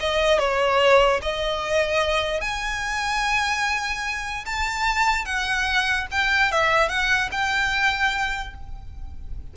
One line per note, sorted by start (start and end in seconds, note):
0.00 0.39 D#5
0.39 1.20 C#5
1.22 2.41 D#5
2.41 4.45 G#5
4.46 5.25 A5
5.25 6.07 F#5
6.11 6.51 G5
6.51 6.88 E5
6.88 7.29 F#5
7.31 8.54 G5